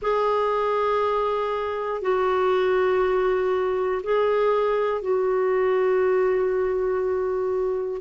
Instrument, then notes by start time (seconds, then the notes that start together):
clarinet
0.01 G#4
2.01 F#4
4.03 G#4
5.01 F#4